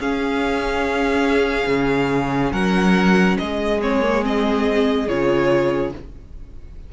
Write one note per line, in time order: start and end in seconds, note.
0.00 1.68 C#4
0.00 3.82 C#4
0.00 2.53 G#4
0.00 2.53 F5
1.68 2.52 C#3
2.53 3.37 F#3
2.53 3.38 A#4
2.53 3.37 F#5
3.38 5.08 G#3
3.38 5.93 G#4
3.38 3.80 D#5
3.82 4.02 C4
3.82 4.25 C#5
4.02 4.23 A#3
4.23 5.07 C4
4.23 5.09 D#5
5.08 5.93 C#3
5.08 5.93 F4
5.08 5.93 C#5